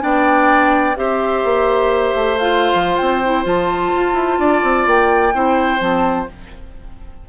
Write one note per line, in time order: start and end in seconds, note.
0.00 0.96 B3
0.00 0.94 D4
0.00 0.97 D5
0.00 0.97 G5
0.96 1.43 C4
0.96 2.38 G4
0.96 4.40 C5
0.96 2.38 E5
1.44 2.14 A#3
2.14 2.73 A3
2.38 3.23 F4
2.38 2.96 F5
2.74 2.98 F3
2.96 3.45 C4
2.96 3.44 G5
3.24 3.44 E4
3.44 3.92 F3
3.44 5.32 F4
3.44 4.88 A5
3.95 4.13 F4
4.13 4.37 E4
4.39 4.62 D4
4.39 5.34 D5
4.63 4.86 C4
4.86 5.33 A#3
4.86 5.81 G5
5.34 5.80 C4
5.34 5.79 E4
5.34 6.29 C5
5.79 6.28 F3
5.79 6.26 C4
5.79 6.28 A5